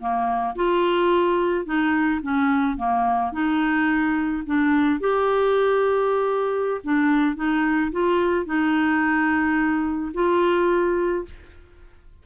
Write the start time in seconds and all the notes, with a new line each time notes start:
0.00 A#3
0.56 F4
1.66 D#4
2.22 C#4
2.77 A#3
3.33 D#4
4.46 D4
5.01 G4
6.84 D4
7.36 D#4
7.92 F4
8.46 D#4
10.14 F4